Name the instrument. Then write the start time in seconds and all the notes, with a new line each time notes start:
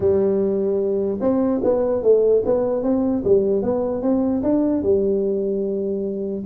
tuba
0.00 G3
1.20 C4
1.63 B3
2.02 A3
2.45 B3
2.82 C4
3.24 G3
3.62 B3
4.02 C4
4.42 D4
4.82 G3